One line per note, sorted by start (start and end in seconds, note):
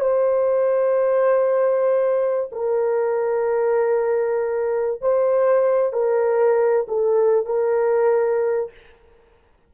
0.00 2.50 C5
2.52 5.01 A#4
5.01 5.93 C5
5.93 6.86 A#4
6.88 7.46 A4
7.46 8.71 A#4